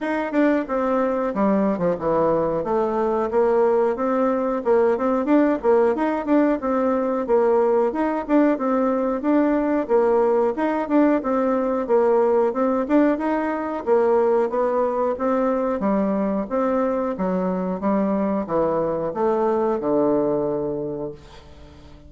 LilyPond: \new Staff \with { instrumentName = "bassoon" } { \time 4/4 \tempo 4 = 91 dis'8 d'8 c'4 g8. f16 e4 | a4 ais4 c'4 ais8 c'8 | d'8 ais8 dis'8 d'8 c'4 ais4 | dis'8 d'8 c'4 d'4 ais4 |
dis'8 d'8 c'4 ais4 c'8 d'8 | dis'4 ais4 b4 c'4 | g4 c'4 fis4 g4 | e4 a4 d2 | }